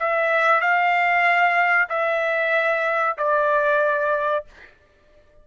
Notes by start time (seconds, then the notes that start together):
0.00 E5
0.61 F5
1.90 E5
3.18 D5